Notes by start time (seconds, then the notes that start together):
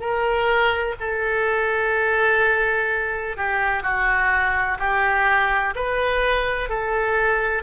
0.00 A#4
1.00 A4
3.37 G4
3.83 F#4
4.79 G4
5.75 B4
6.70 A4